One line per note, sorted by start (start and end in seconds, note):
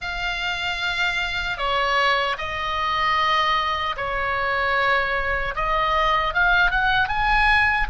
0.01 1.57 F5
1.57 2.36 C#5
2.38 3.95 D#5
3.97 5.54 C#5
5.55 6.34 D#5
6.34 6.71 F5
6.71 7.08 F#5
7.08 7.87 G#5